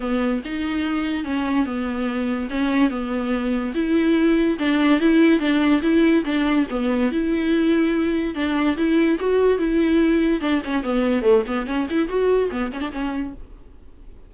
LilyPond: \new Staff \with { instrumentName = "viola" } { \time 4/4 \tempo 4 = 144 b4 dis'2 cis'4 | b2 cis'4 b4~ | b4 e'2 d'4 | e'4 d'4 e'4 d'4 |
b4 e'2. | d'4 e'4 fis'4 e'4~ | e'4 d'8 cis'8 b4 a8 b8 | cis'8 e'8 fis'4 b8 cis'16 d'16 cis'4 | }